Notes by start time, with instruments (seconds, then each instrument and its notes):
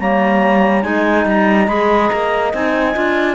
0.00 cello G3, clarinet A#3 A#5, horn C#5
0.83 cello G#3, clarinet D#4 G#5, horn D#5
1.26 cello G3, clarinet A#5
1.67 cello G#3, clarinet G#4 B5
2.09 cello A#3, clarinet A#5
2.54 cello C4, clarinet D#4 G#5
2.95 cello D4, clarinet F4